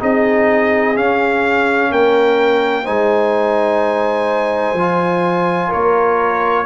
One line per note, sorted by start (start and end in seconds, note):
0.00 0.96 C4
0.00 0.95 D#4
0.00 1.91 G#4
0.00 0.97 D#5
0.96 2.86 C#4
0.96 1.91 C#4
0.96 1.92 F5
1.91 2.87 A#3
1.91 2.85 A#4
1.91 2.86 G5
2.85 4.74 G#3
2.85 4.76 D#4
2.85 5.69 C5
2.85 5.72 G#5
4.74 5.69 F3
4.74 6.66 F4
5.69 6.66 A#3
5.69 6.64 A#4
5.69 6.66 C#5